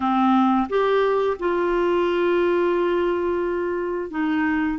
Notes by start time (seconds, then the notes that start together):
0.00 C4
0.68 G4
1.39 F4
4.10 D#4